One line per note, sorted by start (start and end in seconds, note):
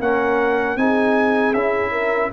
0.00 0.77 A#3
0.00 0.78 C#4
0.00 0.79 A#4
0.00 0.78 F#5
0.77 1.54 C4
0.77 1.55 D#4
0.77 1.92 G#4
0.77 1.54 G#5
1.54 2.31 C#4
1.54 2.33 E4
1.54 2.31 E5
1.92 2.30 A#4